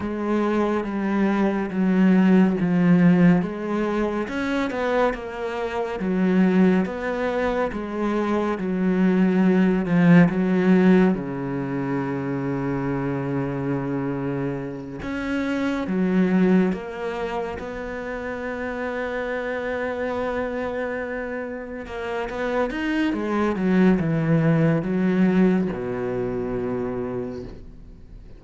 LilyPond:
\new Staff \with { instrumentName = "cello" } { \time 4/4 \tempo 4 = 70 gis4 g4 fis4 f4 | gis4 cis'8 b8 ais4 fis4 | b4 gis4 fis4. f8 | fis4 cis2.~ |
cis4. cis'4 fis4 ais8~ | ais8 b2.~ b8~ | b4. ais8 b8 dis'8 gis8 fis8 | e4 fis4 b,2 | }